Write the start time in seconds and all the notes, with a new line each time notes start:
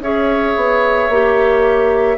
0.00 C#4 G#4 C#5 E5
0.56 B3
1.09 A#3 G4